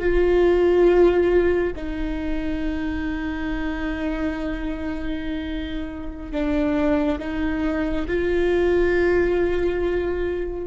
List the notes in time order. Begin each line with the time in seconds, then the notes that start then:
0.00 F4
1.76 D#4
6.32 D4
7.19 D#4
8.08 F4